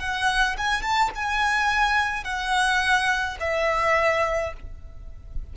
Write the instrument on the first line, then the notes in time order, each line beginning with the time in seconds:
violin
0.00 F#5
0.58 G#5
0.82 A5
1.15 G#5
2.24 F#5
3.40 E5